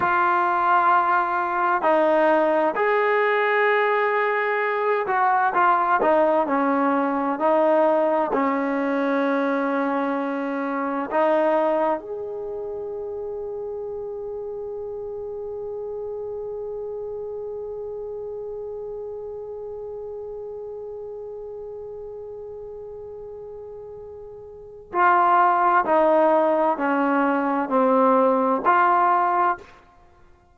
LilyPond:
\new Staff \with { instrumentName = "trombone" } { \time 4/4 \tempo 4 = 65 f'2 dis'4 gis'4~ | gis'4. fis'8 f'8 dis'8 cis'4 | dis'4 cis'2. | dis'4 gis'2.~ |
gis'1~ | gis'1~ | gis'2. f'4 | dis'4 cis'4 c'4 f'4 | }